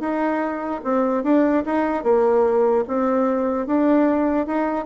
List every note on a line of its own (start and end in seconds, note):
0.00 0.81 D#4
0.84 1.23 C4
1.23 1.64 D4
1.65 2.03 D#4
2.03 2.85 A#3
2.87 3.66 C4
3.66 4.46 D4
4.46 4.85 D#4